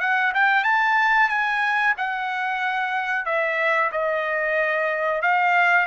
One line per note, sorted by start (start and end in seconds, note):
0.00 0.33 F#5
0.34 0.64 G5
0.64 1.29 A5
1.29 1.94 G#5
1.97 3.25 F#5
3.25 3.91 E5
3.92 5.22 D#5
5.22 5.86 F5